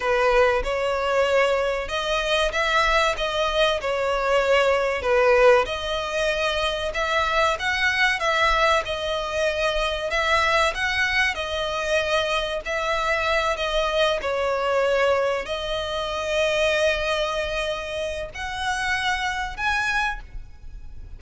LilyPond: \new Staff \with { instrumentName = "violin" } { \time 4/4 \tempo 4 = 95 b'4 cis''2 dis''4 | e''4 dis''4 cis''2 | b'4 dis''2 e''4 | fis''4 e''4 dis''2 |
e''4 fis''4 dis''2 | e''4. dis''4 cis''4.~ | cis''8 dis''2.~ dis''8~ | dis''4 fis''2 gis''4 | }